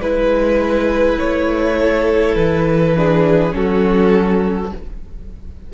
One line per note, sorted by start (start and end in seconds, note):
0.00 1.18 G#3
0.00 2.96 E4
0.00 1.19 B4
0.00 1.79 B4
1.19 2.36 A3
1.19 2.36 C#5
1.80 2.97 A4
2.36 3.53 E3
2.36 3.53 B4
2.96 3.50 D4
2.96 3.56 G#4
3.50 4.72 F#3
3.50 4.68 C#4
3.50 4.74 F#4
3.50 4.73 A4